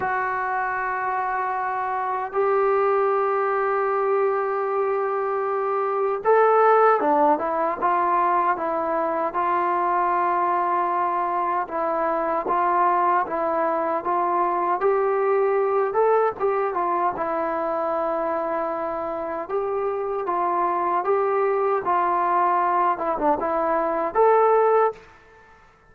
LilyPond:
\new Staff \with { instrumentName = "trombone" } { \time 4/4 \tempo 4 = 77 fis'2. g'4~ | g'1 | a'4 d'8 e'8 f'4 e'4 | f'2. e'4 |
f'4 e'4 f'4 g'4~ | g'8 a'8 g'8 f'8 e'2~ | e'4 g'4 f'4 g'4 | f'4. e'16 d'16 e'4 a'4 | }